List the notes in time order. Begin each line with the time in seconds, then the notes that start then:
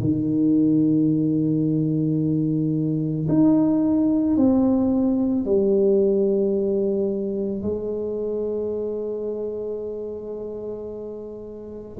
0.00 D#3
3.29 D#4
4.37 C4
5.45 G3
7.63 G#3